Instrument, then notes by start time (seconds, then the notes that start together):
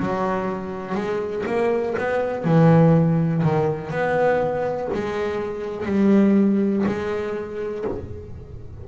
double bass
0.00 F#3
0.95 G#3
1.47 A#3
1.99 B3
2.45 E3
3.44 D#3
3.91 B3
4.94 G#3
5.87 G3
6.87 G#3